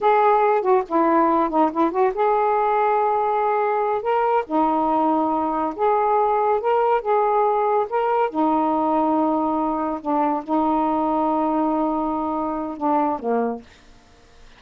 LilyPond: \new Staff \with { instrumentName = "saxophone" } { \time 4/4 \tempo 4 = 141 gis'4. fis'8 e'4. dis'8 | e'8 fis'8 gis'2.~ | gis'4. ais'4 dis'4.~ | dis'4. gis'2 ais'8~ |
ais'8 gis'2 ais'4 dis'8~ | dis'2.~ dis'8 d'8~ | d'8 dis'2.~ dis'8~ | dis'2 d'4 ais4 | }